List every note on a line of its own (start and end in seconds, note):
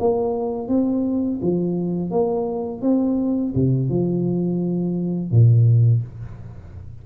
0.00 0.69 A#3
0.69 1.40 C4
1.42 2.11 F3
2.11 2.82 A#3
2.82 3.54 C4
3.55 3.90 C3
3.90 5.31 F3
5.31 6.03 A#2